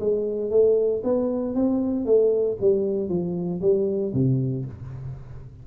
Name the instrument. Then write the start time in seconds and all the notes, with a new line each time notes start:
tuba
0.00 G#3
0.51 A3
1.03 B3
1.55 C4
2.05 A3
2.61 G3
3.09 F3
3.61 G3
4.14 C3